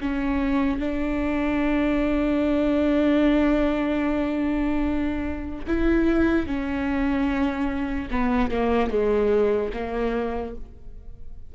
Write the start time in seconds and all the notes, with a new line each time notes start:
0.00 C#4
0.79 D4
5.67 E4
6.46 C#4
8.10 B3
8.51 A#3
8.89 G#3
9.73 A#3